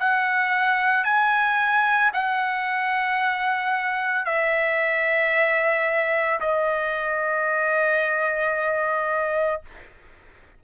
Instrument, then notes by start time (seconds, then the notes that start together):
trumpet
0.00 F#5
1.05 G#5
2.14 F#5
4.26 E5
6.41 D#5